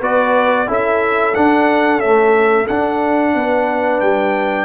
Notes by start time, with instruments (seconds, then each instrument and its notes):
0.00 tuba B3, trombone F#4, horn B4, trumpet D5
0.68 tuba C#4, trombone E4, horn A4, trumpet E5
1.35 trombone D4, tuba D4, trumpet F#5
1.99 trombone A3, tuba C#4, trumpet E5
2.68 tuba D4, trombone D4, trumpet F#5
3.35 tuba B3, horn B4
4.01 tuba G3, trumpet G5